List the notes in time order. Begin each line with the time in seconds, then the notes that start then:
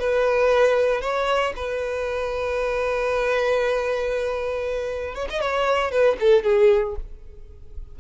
0.00 B4
1.02 C#5
1.56 B4
5.15 C#5
5.30 D#5
5.41 C#5
5.92 B4
6.20 A4
6.44 G#4